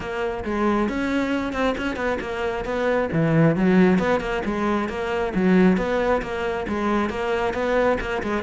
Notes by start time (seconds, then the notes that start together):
0.00 A#3
0.44 G#3
0.88 C#4
1.52 C4
1.77 C#4
1.96 B3
2.20 A#3
2.64 B3
3.12 E3
3.56 F#3
3.98 B3
4.20 A#3
4.44 G#3
4.88 A#3
5.34 F#3
5.77 B3
6.22 A#3
6.68 G#3
7.09 A#3
7.53 B3
8.00 A#3
8.23 G#3